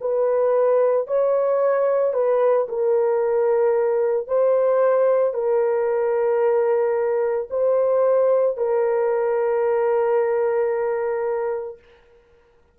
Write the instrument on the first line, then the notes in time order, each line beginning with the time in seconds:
horn
0.00 B4
1.07 C#5
2.13 B4
2.68 A#4
4.27 C5
5.34 A#4
7.50 C5
8.57 A#4